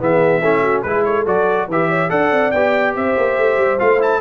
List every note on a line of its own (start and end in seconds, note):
0.00 0.42 E3
0.00 0.42 B3
0.00 0.43 G#4
0.00 0.82 E5
0.42 0.84 A3
0.42 0.86 C#4
0.42 0.62 E4
0.62 0.84 F#4
0.82 1.26 G#3
0.82 1.27 E4
0.82 1.05 G#4
0.82 1.03 B4
1.05 1.69 A4
1.05 1.26 C#5
1.26 1.68 F#3
1.26 1.69 F#4
1.26 1.70 D5
1.68 2.10 E3
1.68 2.09 G4
1.68 1.89 B4
1.68 2.10 E5
1.89 2.10 C#5
2.09 2.32 D4
2.09 2.52 A4
2.09 2.96 D5
2.09 2.51 F#5
2.32 2.53 C4
2.51 2.96 B3
2.51 3.79 G4
2.51 2.94 G5
2.96 3.17 C4
2.96 4.21 C5
2.96 3.79 E5
3.18 3.37 A#3
3.37 3.58 A3
3.58 3.79 G3
3.79 4.21 A3
3.79 4.00 F4
3.79 4.01 F5
4.00 4.21 E4
4.00 4.21 A5